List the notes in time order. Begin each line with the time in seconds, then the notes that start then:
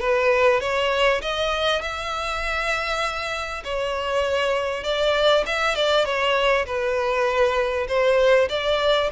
0.00 B4
0.61 C#5
1.22 D#5
1.82 E5
3.64 C#5
4.84 D5
5.46 E5
5.75 D5
6.05 C#5
6.66 B4
7.88 C5
8.50 D5